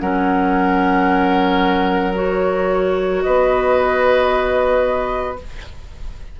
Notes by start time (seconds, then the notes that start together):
0.00 F#3 C#4 A#4 F#5
2.15 F#4 C#5
3.22 B3 B4 D#5